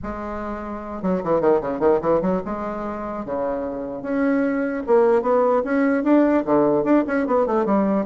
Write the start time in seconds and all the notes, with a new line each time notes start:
0.02 G#3
1.02 F#3
1.23 E3
1.40 D#3
1.61 C#3
1.79 D#3
2.01 E3
2.21 F#3
2.45 G#3
3.25 C#3
4.02 C#4
4.86 A#3
5.22 B3
5.64 C#4
6.03 D4
6.45 D3
6.83 D4
7.07 C#4
7.27 B3
7.46 A3
7.65 G3